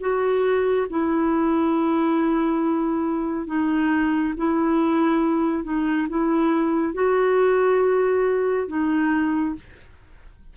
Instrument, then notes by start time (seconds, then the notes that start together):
clarinet
0.00 F#4
0.89 E4
3.47 D#4
4.37 E4
5.64 D#4
6.09 E4
6.94 F#4
8.68 D#4